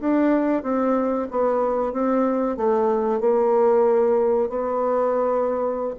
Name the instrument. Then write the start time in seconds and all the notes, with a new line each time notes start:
bassoon
0.00 D4
0.63 C4
1.31 B3
1.93 C4
2.57 A3
3.21 A#3
4.49 B3